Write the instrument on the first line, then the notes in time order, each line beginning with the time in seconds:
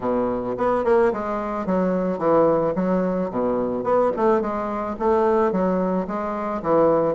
bassoon
0.00 B2
0.57 B3
0.84 A#3
1.12 G#3
1.66 F#3
2.18 E3
2.75 F#3
3.30 B2
3.83 B3
4.16 A3
4.41 G#3
4.99 A3
5.51 F#3
6.07 G#3
6.62 E3